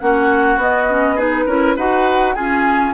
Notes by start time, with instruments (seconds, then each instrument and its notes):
0.00 bassoon A#3, clarinet C#4, oboe F#4, flute F#5
0.56 bassoon B3, clarinet B3, flute D#5
0.89 clarinet C#4
1.15 clarinet D#4, oboe G#4, flute B4
1.46 bassoon C#4, clarinet E4, oboe A#4
1.76 bassoon D#4, clarinet F#4, oboe B4, flute F#5
2.35 clarinet C#4, bassoon F4, oboe G#4, flute G#5